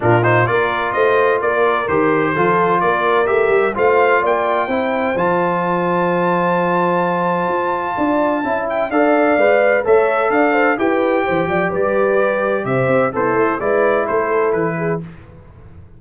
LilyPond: <<
  \new Staff \with { instrumentName = "trumpet" } { \time 4/4 \tempo 4 = 128 ais'8 c''8 d''4 dis''4 d''4 | c''2 d''4 e''4 | f''4 g''2 a''4~ | a''1~ |
a''2~ a''8 g''8 f''4~ | f''4 e''4 f''4 g''4~ | g''4 d''2 e''4 | c''4 d''4 c''4 b'4 | }
  \new Staff \with { instrumentName = "horn" } { \time 4/4 f'4 ais'4 c''4 ais'4~ | ais'4 a'4 ais'2 | c''4 d''4 c''2~ | c''1~ |
c''4 d''4 e''4 d''4~ | d''4 cis''4 d''8 c''8 b'4 | c''8 d''8 b'2 c''4 | e'4 b'4 a'4. gis'8 | }
  \new Staff \with { instrumentName = "trombone" } { \time 4/4 d'8 dis'8 f'2. | g'4 f'2 g'4 | f'2 e'4 f'4~ | f'1~ |
f'2 e'4 a'4 | b'4 a'2 g'4~ | g'1 | a'4 e'2. | }
  \new Staff \with { instrumentName = "tuba" } { \time 4/4 ais,4 ais4 a4 ais4 | dis4 f4 ais4 a8 g8 | a4 ais4 c'4 f4~ | f1 |
f'4 d'4 cis'4 d'4 | gis4 a4 d'4 e'4 | e8 f8 g2 c8 c'8 | b8 a8 gis4 a4 e4 | }
>>